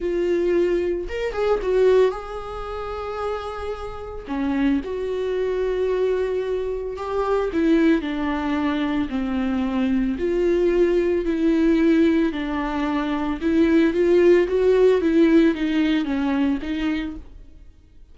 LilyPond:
\new Staff \with { instrumentName = "viola" } { \time 4/4 \tempo 4 = 112 f'2 ais'8 gis'8 fis'4 | gis'1 | cis'4 fis'2.~ | fis'4 g'4 e'4 d'4~ |
d'4 c'2 f'4~ | f'4 e'2 d'4~ | d'4 e'4 f'4 fis'4 | e'4 dis'4 cis'4 dis'4 | }